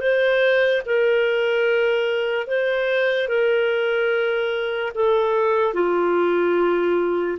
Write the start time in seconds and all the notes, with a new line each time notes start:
0.00 C5
0.85 A#4
2.47 C5
3.28 A#4
4.94 A4
5.73 F4